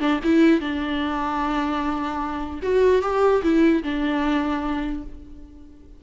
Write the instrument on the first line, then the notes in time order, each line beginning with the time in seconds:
viola
0.00 D4
0.24 E4
0.61 D4
2.63 F#4
3.02 G4
3.43 E4
3.83 D4